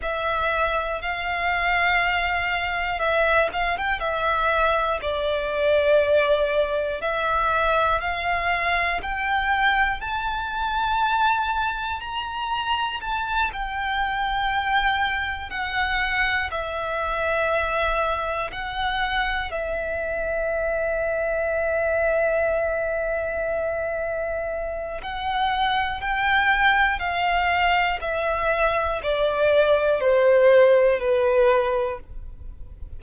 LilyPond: \new Staff \with { instrumentName = "violin" } { \time 4/4 \tempo 4 = 60 e''4 f''2 e''8 f''16 g''16 | e''4 d''2 e''4 | f''4 g''4 a''2 | ais''4 a''8 g''2 fis''8~ |
fis''8 e''2 fis''4 e''8~ | e''1~ | e''4 fis''4 g''4 f''4 | e''4 d''4 c''4 b'4 | }